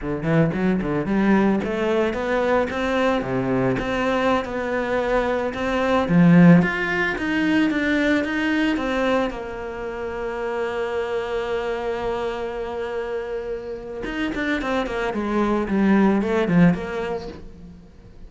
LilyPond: \new Staff \with { instrumentName = "cello" } { \time 4/4 \tempo 4 = 111 d8 e8 fis8 d8 g4 a4 | b4 c'4 c4 c'4~ | c'16 b2 c'4 f8.~ | f16 f'4 dis'4 d'4 dis'8.~ |
dis'16 c'4 ais2~ ais8.~ | ais1~ | ais2 dis'8 d'8 c'8 ais8 | gis4 g4 a8 f8 ais4 | }